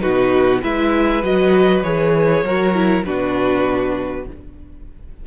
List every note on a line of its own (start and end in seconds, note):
0.00 0.63 B2
0.00 0.61 D#4
0.00 0.62 F#4
0.00 0.61 B4
0.62 1.23 G#3
0.62 1.23 E4
0.62 2.44 B4
0.62 1.24 E5
1.23 1.83 F#3
1.23 1.84 F#4
1.23 1.82 D#5
1.82 2.43 E3
1.82 2.44 G#4
1.82 3.03 C#5
2.43 3.03 F#3
2.43 2.74 F#4
2.43 3.05 A#4
2.74 3.05 E4
3.05 4.27 B2
3.05 4.26 D4
3.05 4.26 F#4
3.05 4.26 B4